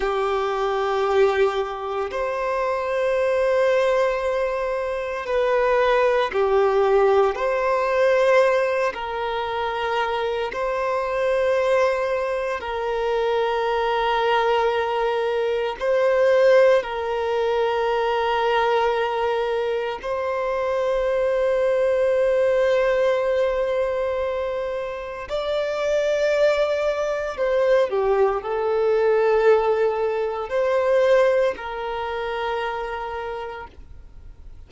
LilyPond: \new Staff \with { instrumentName = "violin" } { \time 4/4 \tempo 4 = 57 g'2 c''2~ | c''4 b'4 g'4 c''4~ | c''8 ais'4. c''2 | ais'2. c''4 |
ais'2. c''4~ | c''1 | d''2 c''8 g'8 a'4~ | a'4 c''4 ais'2 | }